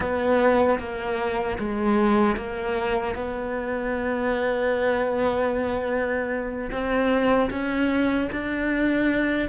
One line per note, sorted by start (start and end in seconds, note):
0.00 0.79 B3
0.79 1.58 A#3
1.58 2.36 G#3
2.36 3.15 A#3
3.15 6.70 B3
6.71 7.50 C4
7.50 8.29 C#4
8.31 9.49 D4